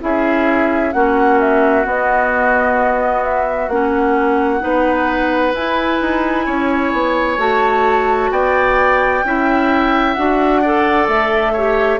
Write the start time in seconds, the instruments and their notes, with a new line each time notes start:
0.00 bassoon C#4, clarinet E4, oboe G#4, flute E5
0.92 bassoon A#3, clarinet C#4, oboe F#4, flute F#5
1.40 flute E5
1.84 clarinet B3, bassoon B3, flute D#5
3.24 flute E5
3.68 bassoon A#3, clarinet C#4, flute F#5
4.60 bassoon B3, clarinet D#4, oboe B4
5.54 bassoon E4, clarinet E4, flute G#5
6.01 bassoon D#4
6.46 bassoon C#4, oboe C#5
6.93 bassoon B3
7.38 bassoon A3, clarinet F#4, flute A5
8.31 bassoon B3, oboe D5, flute G5
9.24 bassoon C#4, clarinet E4, oboe E5
10.14 bassoon D4, clarinet F#4, flute F#5
10.62 clarinet A4, oboe D5
11.08 bassoon A3, flute E5
11.53 clarinet G4, oboe C#5